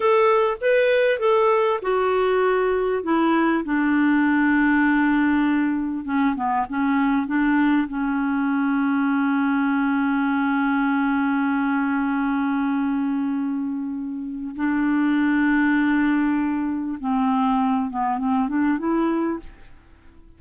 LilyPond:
\new Staff \with { instrumentName = "clarinet" } { \time 4/4 \tempo 4 = 99 a'4 b'4 a'4 fis'4~ | fis'4 e'4 d'2~ | d'2 cis'8 b8 cis'4 | d'4 cis'2.~ |
cis'1~ | cis'1 | d'1 | c'4. b8 c'8 d'8 e'4 | }